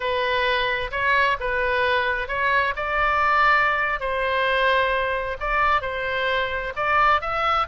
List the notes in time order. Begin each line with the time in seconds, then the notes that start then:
0.00 B4
0.91 C#5
1.40 B4
2.28 C#5
2.75 D5
4.00 C5
5.40 D5
5.81 C5
6.76 D5
7.21 E5